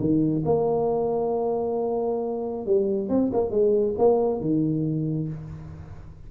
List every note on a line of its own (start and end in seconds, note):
0.00 0.44 D#3
0.46 2.66 A#3
2.67 3.09 G3
3.09 3.31 C4
3.33 3.51 A#3
3.51 3.95 G#3
3.98 4.41 A#3
4.41 5.29 D#3